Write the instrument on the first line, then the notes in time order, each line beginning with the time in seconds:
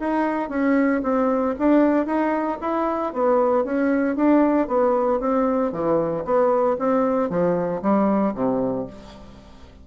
bassoon
0.00 D#4
0.50 C#4
1.03 C4
1.59 D4
2.06 D#4
2.61 E4
3.14 B3
3.65 C#4
4.16 D4
4.68 B3
5.21 C4
5.72 E3
6.25 B3
6.79 C4
7.30 F3
7.82 G3
8.35 C3